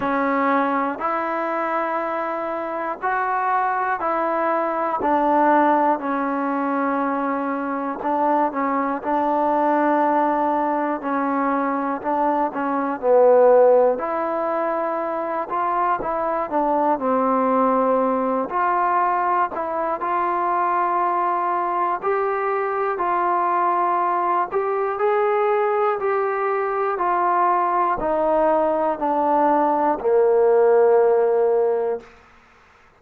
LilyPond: \new Staff \with { instrumentName = "trombone" } { \time 4/4 \tempo 4 = 60 cis'4 e'2 fis'4 | e'4 d'4 cis'2 | d'8 cis'8 d'2 cis'4 | d'8 cis'8 b4 e'4. f'8 |
e'8 d'8 c'4. f'4 e'8 | f'2 g'4 f'4~ | f'8 g'8 gis'4 g'4 f'4 | dis'4 d'4 ais2 | }